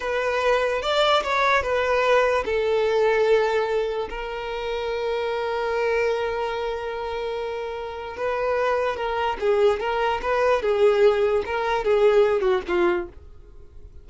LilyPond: \new Staff \with { instrumentName = "violin" } { \time 4/4 \tempo 4 = 147 b'2 d''4 cis''4 | b'2 a'2~ | a'2 ais'2~ | ais'1~ |
ais'1 | b'2 ais'4 gis'4 | ais'4 b'4 gis'2 | ais'4 gis'4. fis'8 f'4 | }